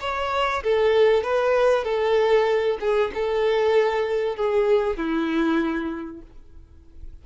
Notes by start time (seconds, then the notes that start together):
0.00 C#5
0.63 A4
1.23 B4
1.84 A4
2.80 G#4
3.14 A4
4.36 G#4
4.97 E4